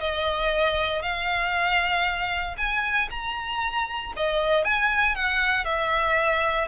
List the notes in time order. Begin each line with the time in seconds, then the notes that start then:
0.00 D#5
1.02 F5
2.57 G#5
3.10 A#5
4.16 D#5
4.64 G#5
5.15 F#5
5.65 E5